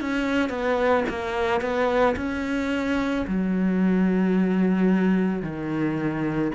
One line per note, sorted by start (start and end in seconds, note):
0.00 0.49 C#4
0.49 1.04 B3
1.09 1.61 A#3
1.61 2.15 B3
2.16 3.25 C#4
3.27 5.42 F#3
5.42 6.51 D#3